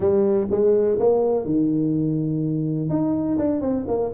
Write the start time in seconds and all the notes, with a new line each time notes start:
0.00 G3
0.50 G#3
0.99 A#3
1.45 D#3
2.89 D#4
3.38 D4
3.61 C4
3.87 A#3